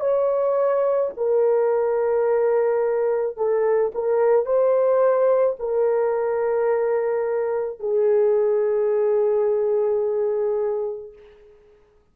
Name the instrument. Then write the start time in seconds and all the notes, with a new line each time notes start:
horn
0.00 C#5
1.17 A#4
3.37 A4
3.94 A#4
4.45 C5
5.59 A#4
7.80 G#4